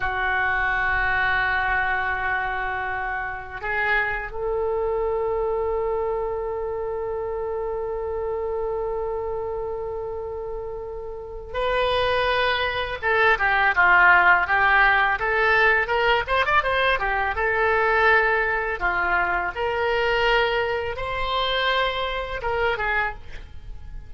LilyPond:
\new Staff \with { instrumentName = "oboe" } { \time 4/4 \tempo 4 = 83 fis'1~ | fis'4 gis'4 a'2~ | a'1~ | a'1 |
b'2 a'8 g'8 f'4 | g'4 a'4 ais'8 c''16 d''16 c''8 g'8 | a'2 f'4 ais'4~ | ais'4 c''2 ais'8 gis'8 | }